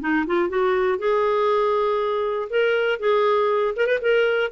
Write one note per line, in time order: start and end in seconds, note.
0.00 0.25 D#4
0.26 0.48 F4
0.48 0.98 F#4
0.98 2.48 G#4
2.50 2.99 A#4
2.99 3.74 G#4
3.76 3.86 A#4
3.86 3.99 B4
4.01 4.51 A#4